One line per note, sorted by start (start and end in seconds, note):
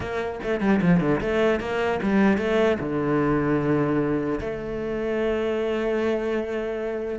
0.00 0.39 A#3
0.43 0.60 A3
0.60 0.80 G3
0.81 1.00 F3
1.00 1.20 D3
1.20 1.60 A3
1.60 2.00 A#3
2.02 2.37 G3
2.37 2.77 A3
2.79 4.39 D3
4.40 7.19 A3